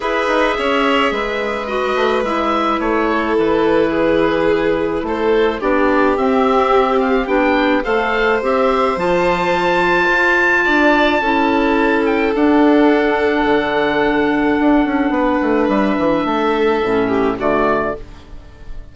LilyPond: <<
  \new Staff \with { instrumentName = "oboe" } { \time 4/4 \tempo 4 = 107 e''2. dis''4 | e''4 cis''4 b'2~ | b'4 c''4 d''4 e''4~ | e''8 f''8 g''4 f''4 e''4 |
a''1~ | a''4. g''8 fis''2~ | fis''1 | e''2. d''4 | }
  \new Staff \with { instrumentName = "violin" } { \time 4/4 b'4 cis''4 b'2~ | b'4. a'4. gis'4~ | gis'4 a'4 g'2~ | g'2 c''2~ |
c''2. d''4 | a'1~ | a'2. b'4~ | b'4 a'4. g'8 fis'4 | }
  \new Staff \with { instrumentName = "clarinet" } { \time 4/4 gis'2. fis'4 | e'1~ | e'2 d'4 c'4~ | c'4 d'4 a'4 g'4 |
f'1 | e'2 d'2~ | d'1~ | d'2 cis'4 a4 | }
  \new Staff \with { instrumentName = "bassoon" } { \time 4/4 e'8 dis'8 cis'4 gis4. a8 | gis4 a4 e2~ | e4 a4 b4 c'4~ | c'4 b4 a4 c'4 |
f2 f'4 d'4 | cis'2 d'2 | d2 d'8 cis'8 b8 a8 | g8 e8 a4 a,4 d4 | }
>>